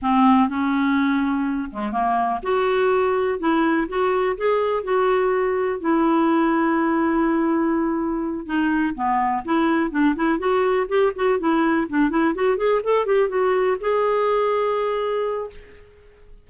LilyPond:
\new Staff \with { instrumentName = "clarinet" } { \time 4/4 \tempo 4 = 124 c'4 cis'2~ cis'8 gis8 | ais4 fis'2 e'4 | fis'4 gis'4 fis'2 | e'1~ |
e'4. dis'4 b4 e'8~ | e'8 d'8 e'8 fis'4 g'8 fis'8 e'8~ | e'8 d'8 e'8 fis'8 gis'8 a'8 g'8 fis'8~ | fis'8 gis'2.~ gis'8 | }